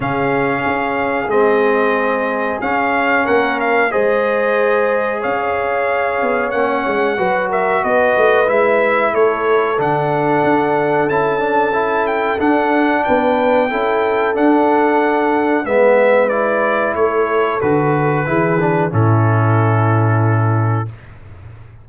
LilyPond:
<<
  \new Staff \with { instrumentName = "trumpet" } { \time 4/4 \tempo 4 = 92 f''2 dis''2 | f''4 fis''8 f''8 dis''2 | f''2 fis''4. e''8 | dis''4 e''4 cis''4 fis''4~ |
fis''4 a''4. g''8 fis''4 | g''2 fis''2 | e''4 d''4 cis''4 b'4~ | b'4 a'2. | }
  \new Staff \with { instrumentName = "horn" } { \time 4/4 gis'1~ | gis'4 ais'4 c''2 | cis''2. b'8 ais'8 | b'2 a'2~ |
a'1 | b'4 a'2. | b'2 a'2 | gis'4 e'2. | }
  \new Staff \with { instrumentName = "trombone" } { \time 4/4 cis'2 c'2 | cis'2 gis'2~ | gis'2 cis'4 fis'4~ | fis'4 e'2 d'4~ |
d'4 e'8 d'8 e'4 d'4~ | d'4 e'4 d'2 | b4 e'2 fis'4 | e'8 d'8 cis'2. | }
  \new Staff \with { instrumentName = "tuba" } { \time 4/4 cis4 cis'4 gis2 | cis'4 ais4 gis2 | cis'4. b8 ais8 gis8 fis4 | b8 a8 gis4 a4 d4 |
d'4 cis'2 d'4 | b4 cis'4 d'2 | gis2 a4 d4 | e4 a,2. | }
>>